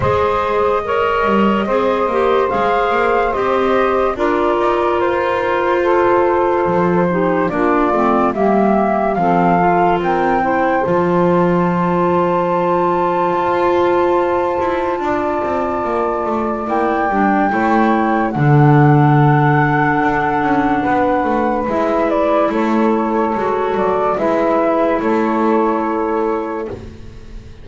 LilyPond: <<
  \new Staff \with { instrumentName = "flute" } { \time 4/4 \tempo 4 = 72 dis''2. f''4 | dis''4 d''4 c''2~ | c''4 d''4 e''4 f''4 | g''4 a''2.~ |
a''1 | g''2 fis''2~ | fis''2 e''8 d''8 cis''4~ | cis''8 d''8 e''4 cis''2 | }
  \new Staff \with { instrumentName = "saxophone" } { \time 4/4 c''4 cis''4 c''2~ | c''4 ais'2 a'4~ | a'8 g'8 f'4 g'4 a'4 | ais'8 c''2.~ c''8~ |
c''2 d''2~ | d''4 cis''4 a'2~ | a'4 b'2 a'4~ | a'4 b'4 a'2 | }
  \new Staff \with { instrumentName = "clarinet" } { \time 4/4 gis'4 ais'4 gis'8 g'8 gis'4 | g'4 f'2.~ | f'8 dis'8 d'8 c'8 ais4 c'8 f'8~ | f'8 e'8 f'2.~ |
f'1 | e'8 d'8 e'4 d'2~ | d'2 e'2 | fis'4 e'2. | }
  \new Staff \with { instrumentName = "double bass" } { \time 4/4 gis4. g8 c'8 ais8 gis8 ais8 | c'4 d'8 dis'8 f'2 | f4 ais8 a8 g4 f4 | c'4 f2. |
f'4. e'8 d'8 c'8 ais8 a8 | ais8 g8 a4 d2 | d'8 cis'8 b8 a8 gis4 a4 | gis8 fis8 gis4 a2 | }
>>